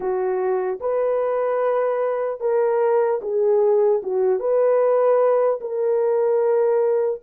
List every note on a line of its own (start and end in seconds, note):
0.00 0.78 F#4
0.80 2.40 B4
2.40 3.20 A#4
3.21 4.01 G#4
4.02 4.39 F#4
4.39 5.59 B4
5.60 7.20 A#4